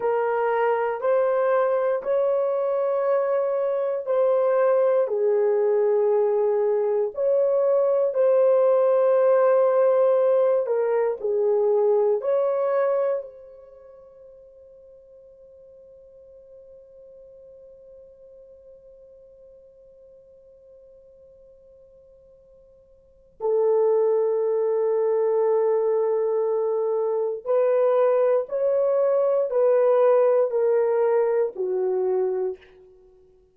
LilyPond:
\new Staff \with { instrumentName = "horn" } { \time 4/4 \tempo 4 = 59 ais'4 c''4 cis''2 | c''4 gis'2 cis''4 | c''2~ c''8 ais'8 gis'4 | cis''4 c''2.~ |
c''1~ | c''2. a'4~ | a'2. b'4 | cis''4 b'4 ais'4 fis'4 | }